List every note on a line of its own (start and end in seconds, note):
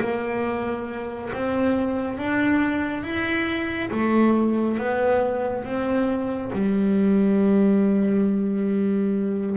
0.00 1.30 A#3
1.33 2.17 C4
2.17 3.03 D4
3.03 3.90 E4
3.91 4.77 A3
4.77 5.64 B3
5.64 6.51 C4
6.52 9.57 G3